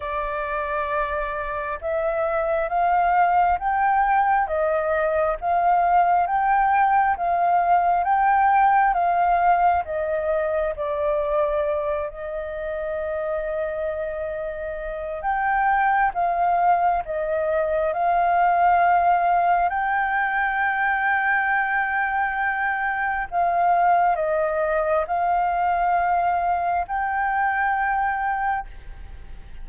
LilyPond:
\new Staff \with { instrumentName = "flute" } { \time 4/4 \tempo 4 = 67 d''2 e''4 f''4 | g''4 dis''4 f''4 g''4 | f''4 g''4 f''4 dis''4 | d''4. dis''2~ dis''8~ |
dis''4 g''4 f''4 dis''4 | f''2 g''2~ | g''2 f''4 dis''4 | f''2 g''2 | }